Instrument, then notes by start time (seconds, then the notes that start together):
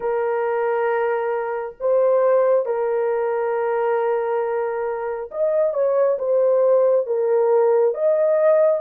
horn
0.00 A#4
1.80 C5
2.65 A#4
5.31 D#5
5.73 C#5
6.18 C5
7.06 A#4
7.94 D#5